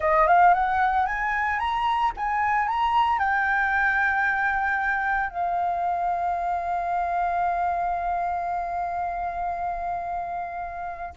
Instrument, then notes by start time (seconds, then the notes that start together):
flute
0.00 D#5
0.27 F5
0.53 F#5
1.06 G#5
1.59 A#5
2.16 G#5
2.68 A#5
3.19 G5
5.30 F5